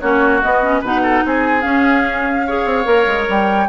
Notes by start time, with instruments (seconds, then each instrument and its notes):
0.00 bassoon A#3, clarinet C#4, oboe F#4, flute C#5
0.42 clarinet B3, bassoon B3, flute D#5
0.62 clarinet C#4
0.80 bassoon B2, clarinet D#4, oboe B4, flute F#5
1.03 oboe A4
1.25 bassoon C4, oboe G#4, flute G#5
1.61 clarinet C#4, bassoon C#4, flute F5
2.47 clarinet G#4, oboe C#5
2.65 bassoon C4
2.85 bassoon A#3, clarinet A#4
3.06 bassoon G#3
3.28 bassoon G3, flute G5